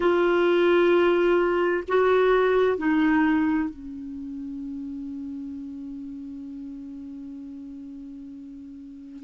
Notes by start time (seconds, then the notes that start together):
0.00 F4
1.88 F#4
2.77 D#4
3.69 C#4